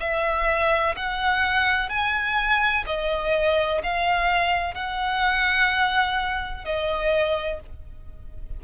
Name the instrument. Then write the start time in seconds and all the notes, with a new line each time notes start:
violin
0.00 E5
0.97 F#5
1.89 G#5
2.86 D#5
3.83 F5
4.74 F#5
6.65 D#5